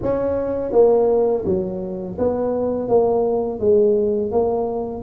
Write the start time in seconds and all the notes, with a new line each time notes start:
0.02 C#4
0.72 A#3
1.45 F#3
2.18 B3
2.88 A#3
3.59 G#3
4.31 A#3